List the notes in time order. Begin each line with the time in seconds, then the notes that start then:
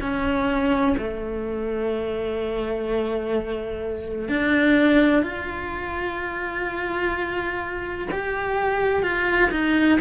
0.00 C#4
0.97 A3
4.29 D4
5.23 F4
8.11 G4
9.02 F4
9.51 D#4